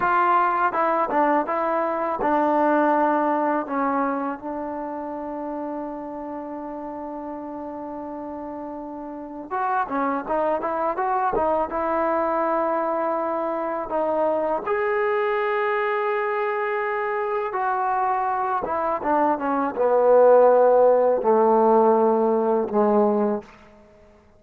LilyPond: \new Staff \with { instrumentName = "trombone" } { \time 4/4 \tempo 4 = 82 f'4 e'8 d'8 e'4 d'4~ | d'4 cis'4 d'2~ | d'1~ | d'4 fis'8 cis'8 dis'8 e'8 fis'8 dis'8 |
e'2. dis'4 | gis'1 | fis'4. e'8 d'8 cis'8 b4~ | b4 a2 gis4 | }